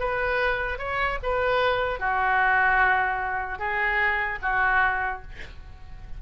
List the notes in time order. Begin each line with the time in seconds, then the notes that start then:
0.00 B4
0.79 C#5
1.23 B4
2.00 F#4
3.59 G#4
4.42 F#4